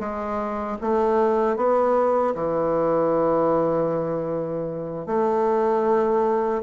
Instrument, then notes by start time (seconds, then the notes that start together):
bassoon
0.00 G#3
0.81 A3
1.57 B3
2.35 E3
5.06 A3